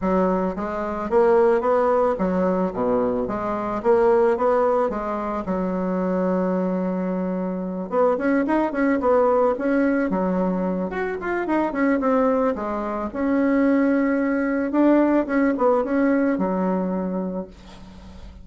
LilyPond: \new Staff \with { instrumentName = "bassoon" } { \time 4/4 \tempo 4 = 110 fis4 gis4 ais4 b4 | fis4 b,4 gis4 ais4 | b4 gis4 fis2~ | fis2~ fis8 b8 cis'8 dis'8 |
cis'8 b4 cis'4 fis4. | fis'8 f'8 dis'8 cis'8 c'4 gis4 | cis'2. d'4 | cis'8 b8 cis'4 fis2 | }